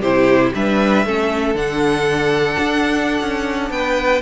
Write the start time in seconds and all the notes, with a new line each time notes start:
0.00 C3 E4 G4 C5
0.54 G3 D4 B4 E5
1.05 A3 C#4 A4
1.54 D3 D4 F#5
2.59 D4
3.21 C#4
3.70 B3 B4 G5